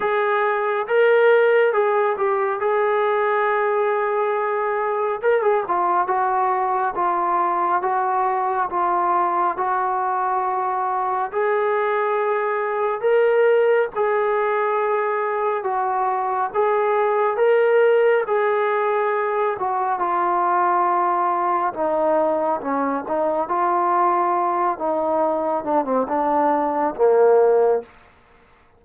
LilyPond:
\new Staff \with { instrumentName = "trombone" } { \time 4/4 \tempo 4 = 69 gis'4 ais'4 gis'8 g'8 gis'4~ | gis'2 ais'16 gis'16 f'8 fis'4 | f'4 fis'4 f'4 fis'4~ | fis'4 gis'2 ais'4 |
gis'2 fis'4 gis'4 | ais'4 gis'4. fis'8 f'4~ | f'4 dis'4 cis'8 dis'8 f'4~ | f'8 dis'4 d'16 c'16 d'4 ais4 | }